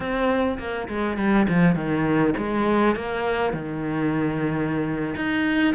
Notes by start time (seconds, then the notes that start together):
0.00 C4
0.58 A#3
0.88 G#3
1.17 G3
1.48 F3
1.75 D#3
2.37 G#3
2.95 A#3
3.53 D#3
5.15 D#4